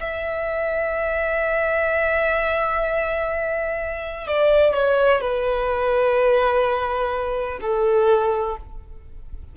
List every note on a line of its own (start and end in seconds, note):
0.00 4.28 E5
4.28 4.74 D5
4.74 5.21 C#5
5.21 7.59 B4
7.61 8.57 A4